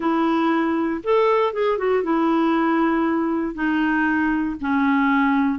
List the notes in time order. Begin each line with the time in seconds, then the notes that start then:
0.00 E4
1.03 A4
1.53 G#4
1.78 F#4
2.03 E4
3.54 D#4
4.61 C#4